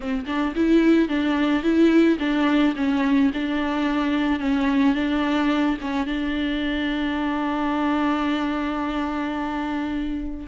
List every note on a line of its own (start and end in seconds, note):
0.00 0.25 C4
0.26 0.54 D4
0.55 1.08 E4
1.08 1.62 D4
1.62 2.17 E4
2.19 2.74 D4
2.76 3.31 C#4
3.33 4.39 D4
4.39 4.94 C#4
4.94 5.77 D4
5.81 6.06 C#4
6.06 10.47 D4